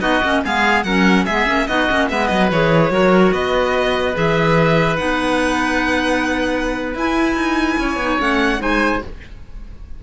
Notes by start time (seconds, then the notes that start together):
0.00 B3 D#4 F#4 D#5
0.24 A#3 C#4
0.44 G#3 B3 G#4 F5
0.84 F#3 C#4 A#4 F#5
1.25 G#3 B3 G#4 E5
1.46 A#3 C#4
1.68 B3 D#4 F#4 D#5
1.90 A#3 C#4
2.09 G#3 B3 B4 E5
2.27 F#3 D#5
2.52 E3 G#4 C#5
2.91 F#3 F#4 A#4
3.33 B3 B4 D#5
4.14 E3 G#4 E5
4.97 B3 D#4 F#5
6.95 E4 G#5
7.36 D#4
7.78 C#4 C#5
7.96 B3 D#4
8.19 A3 C#4 F#5
8.58 G#3 D#4 C5 G#5